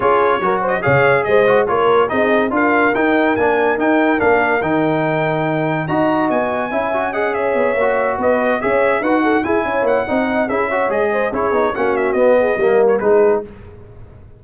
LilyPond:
<<
  \new Staff \with { instrumentName = "trumpet" } { \time 4/4 \tempo 4 = 143 cis''4. dis''8 f''4 dis''4 | cis''4 dis''4 f''4 g''4 | gis''4 g''4 f''4 g''4~ | g''2 ais''4 gis''4~ |
gis''4 fis''8 e''2 dis''8~ | dis''8 e''4 fis''4 gis''4 fis''8~ | fis''4 e''4 dis''4 cis''4 | fis''8 e''8 dis''4.~ dis''16 cis''16 b'4 | }
  \new Staff \with { instrumentName = "horn" } { \time 4/4 gis'4 ais'8 c''8 cis''4 c''4 | ais'4 gis'4 ais'2~ | ais'1~ | ais'2 dis''2 |
e''4 dis''8 cis''2 b'8~ | b'8 cis''4 b'8 a'8 gis'8 cis''4 | dis''4 gis'8 cis''4 c''8 gis'4 | fis'4. gis'8 ais'4 gis'4 | }
  \new Staff \with { instrumentName = "trombone" } { \time 4/4 f'4 fis'4 gis'4. fis'8 | f'4 dis'4 f'4 dis'4 | d'4 dis'4 d'4 dis'4~ | dis'2 fis'2 |
e'8 fis'8 gis'4. fis'4.~ | fis'8 gis'4 fis'4 e'4. | dis'4 e'8 fis'8 gis'4 e'8 dis'8 | cis'4 b4 ais4 dis'4 | }
  \new Staff \with { instrumentName = "tuba" } { \time 4/4 cis'4 fis4 cis4 gis4 | ais4 c'4 d'4 dis'4 | ais4 dis'4 ais4 dis4~ | dis2 dis'4 b4 |
cis'2 b8 ais4 b8~ | b8 cis'4 dis'4 e'8 cis'8 ais8 | c'4 cis'4 gis4 cis'8 b8 | ais4 b4 g4 gis4 | }
>>